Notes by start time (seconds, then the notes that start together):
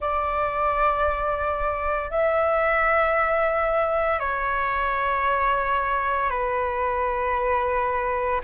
0.00 D5
2.10 E5
4.19 C#5
6.30 B4